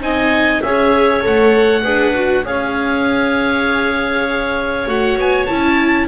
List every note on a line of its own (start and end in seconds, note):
0.00 0.61 C4
0.00 0.61 D#4
0.00 0.64 D#5
0.00 0.62 G#5
0.62 1.24 C#4
0.62 1.21 G#4
0.62 1.83 C#5
0.62 1.22 E5
1.21 1.85 A3
1.21 1.82 A4
1.21 2.46 F#5
1.83 2.45 D4
1.83 2.14 G#4
1.83 2.43 B4
2.14 2.44 F#4
2.45 4.86 C#4
2.45 4.86 G#4
2.45 6.08 C#5
2.45 4.88 F5
4.86 5.17 A3
4.86 5.47 F#4
4.86 5.19 F#5
5.17 5.47 B3
5.17 5.46 G#5
5.46 6.08 C#4
5.46 6.08 E4
5.46 6.06 A5